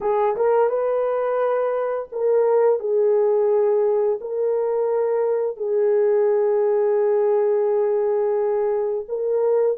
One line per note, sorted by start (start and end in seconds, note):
0.00 0.35 G#4
0.36 0.69 A#4
0.69 2.08 B4
2.12 2.79 A#4
2.79 4.19 G#4
4.21 5.57 A#4
5.57 9.05 G#4
9.08 9.77 A#4